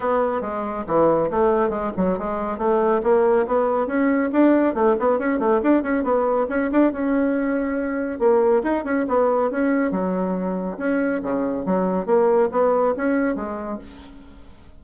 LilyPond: \new Staff \with { instrumentName = "bassoon" } { \time 4/4 \tempo 4 = 139 b4 gis4 e4 a4 | gis8 fis8 gis4 a4 ais4 | b4 cis'4 d'4 a8 b8 | cis'8 a8 d'8 cis'8 b4 cis'8 d'8 |
cis'2. ais4 | dis'8 cis'8 b4 cis'4 fis4~ | fis4 cis'4 cis4 fis4 | ais4 b4 cis'4 gis4 | }